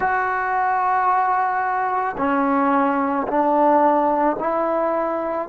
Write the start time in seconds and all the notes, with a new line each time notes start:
0.00 F#4
2.17 C#4
3.27 D4
4.39 E4